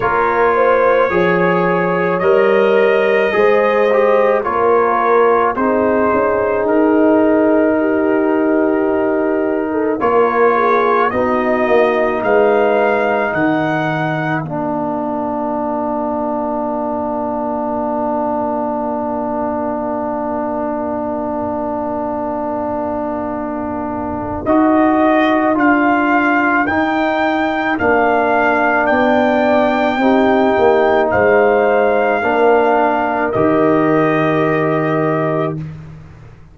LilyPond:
<<
  \new Staff \with { instrumentName = "trumpet" } { \time 4/4 \tempo 4 = 54 cis''2 dis''2 | cis''4 c''4 ais'2~ | ais'4 cis''4 dis''4 f''4 | fis''4 f''2.~ |
f''1~ | f''2 dis''4 f''4 | g''4 f''4 g''2 | f''2 dis''2 | }
  \new Staff \with { instrumentName = "horn" } { \time 4/4 ais'8 c''8 cis''2 c''4 | ais'4 gis'2 g'4~ | g'8. a'16 ais'8 gis'8 fis'4 b'4 | ais'1~ |
ais'1~ | ais'1~ | ais'2 d''4 g'4 | c''4 ais'2. | }
  \new Staff \with { instrumentName = "trombone" } { \time 4/4 f'4 gis'4 ais'4 gis'8 g'8 | f'4 dis'2.~ | dis'4 f'4 dis'2~ | dis'4 d'2.~ |
d'1~ | d'2 fis'4 f'4 | dis'4 d'2 dis'4~ | dis'4 d'4 g'2 | }
  \new Staff \with { instrumentName = "tuba" } { \time 4/4 ais4 f4 g4 gis4 | ais4 c'8 cis'8 dis'2~ | dis'4 ais4 b8 ais8 gis4 | dis4 ais2.~ |
ais1~ | ais2 dis'4 d'4 | dis'4 ais4 b4 c'8 ais8 | gis4 ais4 dis2 | }
>>